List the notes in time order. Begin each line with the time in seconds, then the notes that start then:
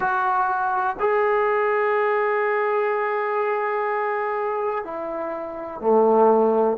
0.00 F#4
0.99 G#4
4.84 E4
5.81 A3